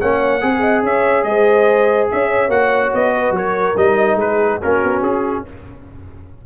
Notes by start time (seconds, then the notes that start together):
0.00 A#3 C#4 C#5 F#5
0.41 C4 G#4
0.61 D#5
0.83 C#4 C#5 E5
1.24 G#3 C5 D#5
2.11 C#4 C#5 E5
2.48 A#3 F#4 F#5
2.94 B3 D#5
3.15 B4
3.31 F#3 A#4 C#5
3.76 G3 D#4 D#5
4.15 G#3 G#4 B4
4.61 A#3 C#4 F#4 A#4
4.84 B3
5.02 C#4 G#4